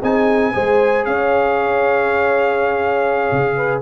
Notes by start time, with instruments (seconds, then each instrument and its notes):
0.00 tuba C4, trombone D#4, horn G#4, trumpet G#5
0.53 tuba G#3, trombone G#4, horn C5
1.05 tuba C#4, horn C#5, trumpet F5
3.32 tuba C#3
3.56 horn B4